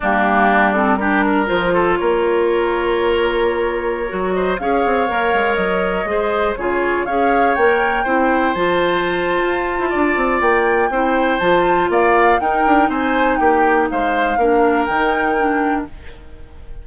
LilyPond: <<
  \new Staff \with { instrumentName = "flute" } { \time 4/4 \tempo 4 = 121 g'4. a'8 ais'4 c''4 | cis''1~ | cis''8. dis''8 f''2 dis''8.~ | dis''4~ dis''16 cis''4 f''4 g''8.~ |
g''4~ g''16 a''2~ a''8.~ | a''4 g''2 a''4 | f''4 g''4 gis''4 g''4 | f''2 g''2 | }
  \new Staff \with { instrumentName = "oboe" } { \time 4/4 d'2 g'8 ais'4 a'8 | ais'1~ | ais'8. c''8 cis''2~ cis''8.~ | cis''16 c''4 gis'4 cis''4.~ cis''16~ |
cis''16 c''2.~ c''8. | d''2 c''2 | d''4 ais'4 c''4 g'4 | c''4 ais'2. | }
  \new Staff \with { instrumentName = "clarinet" } { \time 4/4 ais4. c'8 d'4 f'4~ | f'1~ | f'16 fis'4 gis'4 ais'4.~ ais'16~ | ais'16 gis'4 f'4 gis'4 ais'8.~ |
ais'16 e'4 f'2~ f'8.~ | f'2 e'4 f'4~ | f'4 dis'2.~ | dis'4 d'4 dis'4 d'4 | }
  \new Staff \with { instrumentName = "bassoon" } { \time 4/4 g2. f4 | ais1~ | ais16 fis4 cis'8 c'8 ais8 gis8 fis8.~ | fis16 gis4 cis4 cis'4 ais8.~ |
ais16 c'4 f4.~ f16 f'8. e'16 | d'8 c'8 ais4 c'4 f4 | ais4 dis'8 d'8 c'4 ais4 | gis4 ais4 dis2 | }
>>